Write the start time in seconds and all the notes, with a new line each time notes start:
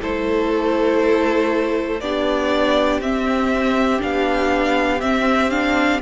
0.00 A3 E4 A4 C5
2.01 B3 D4 G4 D5
3.00 C4 E5
3.99 B3 D4 F5
5.01 C4 E5
5.50 D4 F5